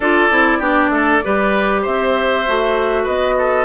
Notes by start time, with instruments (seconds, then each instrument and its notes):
0.00 bassoon D4, clarinet F4, oboe A4, flute D5
0.30 bassoon C4, clarinet E4
0.58 bassoon B3, clarinet D4, oboe G4
0.89 bassoon A3, oboe A4
1.23 bassoon G3, clarinet G4, oboe B4
1.82 bassoon C4, oboe C5, flute E5
2.46 bassoon A3, clarinet F#4
3.03 bassoon B3, oboe B4, flute D#5
3.38 oboe A4